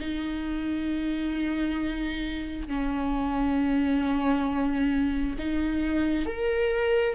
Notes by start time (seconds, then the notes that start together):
0.00 D#4
2.68 C#4
5.39 D#4
6.26 A#4